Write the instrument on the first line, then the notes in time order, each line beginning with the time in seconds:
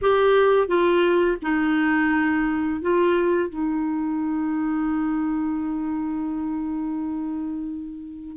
clarinet
0.01 G4
0.67 F4
1.42 D#4
2.81 F4
3.49 D#4